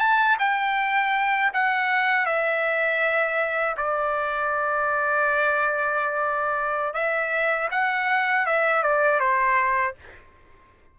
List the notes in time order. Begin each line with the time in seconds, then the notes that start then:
0.00 A5
0.40 G5
1.54 F#5
2.26 E5
3.77 D5
6.94 E5
7.71 F#5
8.47 E5
8.83 D5
9.20 C5